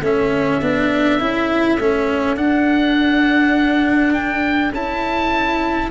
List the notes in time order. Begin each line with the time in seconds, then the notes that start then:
0.00 A3 C#4 A4 E5
0.61 B3 D4
1.19 C#4 E4
1.78 A3 C#4
2.36 D4 F#5
4.13 G5
4.71 C#4 E4 A5